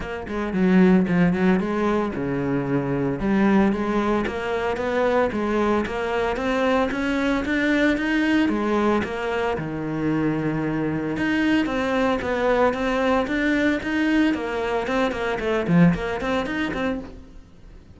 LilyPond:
\new Staff \with { instrumentName = "cello" } { \time 4/4 \tempo 4 = 113 ais8 gis8 fis4 f8 fis8 gis4 | cis2 g4 gis4 | ais4 b4 gis4 ais4 | c'4 cis'4 d'4 dis'4 |
gis4 ais4 dis2~ | dis4 dis'4 c'4 b4 | c'4 d'4 dis'4 ais4 | c'8 ais8 a8 f8 ais8 c'8 dis'8 c'8 | }